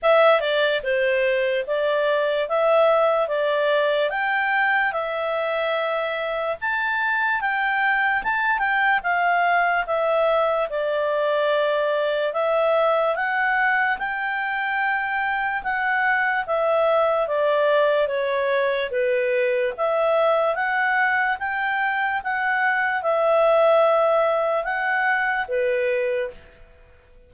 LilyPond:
\new Staff \with { instrumentName = "clarinet" } { \time 4/4 \tempo 4 = 73 e''8 d''8 c''4 d''4 e''4 | d''4 g''4 e''2 | a''4 g''4 a''8 g''8 f''4 | e''4 d''2 e''4 |
fis''4 g''2 fis''4 | e''4 d''4 cis''4 b'4 | e''4 fis''4 g''4 fis''4 | e''2 fis''4 b'4 | }